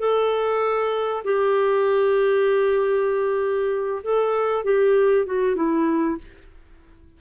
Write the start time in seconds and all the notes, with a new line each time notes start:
0.00 A4
1.25 G4
4.03 A4
4.64 G4
5.27 F#4
5.56 E4